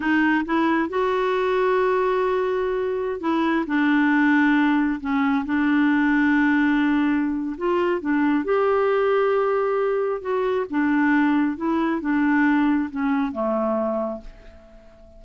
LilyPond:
\new Staff \with { instrumentName = "clarinet" } { \time 4/4 \tempo 4 = 135 dis'4 e'4 fis'2~ | fis'2.~ fis'16 e'8.~ | e'16 d'2. cis'8.~ | cis'16 d'2.~ d'8.~ |
d'4 f'4 d'4 g'4~ | g'2. fis'4 | d'2 e'4 d'4~ | d'4 cis'4 a2 | }